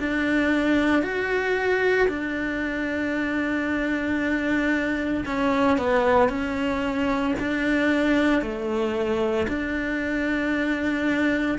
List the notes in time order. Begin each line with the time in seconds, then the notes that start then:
0.00 D4
1.03 F#4
2.09 D4
5.26 C#4
5.78 B3
6.29 C#4
7.40 D4
8.42 A3
9.48 D4